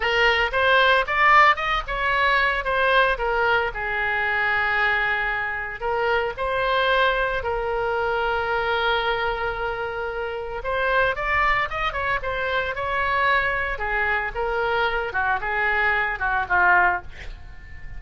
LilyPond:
\new Staff \with { instrumentName = "oboe" } { \time 4/4 \tempo 4 = 113 ais'4 c''4 d''4 dis''8 cis''8~ | cis''4 c''4 ais'4 gis'4~ | gis'2. ais'4 | c''2 ais'2~ |
ais'1 | c''4 d''4 dis''8 cis''8 c''4 | cis''2 gis'4 ais'4~ | ais'8 fis'8 gis'4. fis'8 f'4 | }